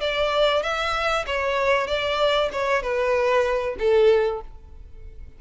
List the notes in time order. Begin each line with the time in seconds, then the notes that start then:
0.00 D5
0.62 E5
1.26 C#5
1.87 D5
2.52 C#5
2.82 B4
3.79 A4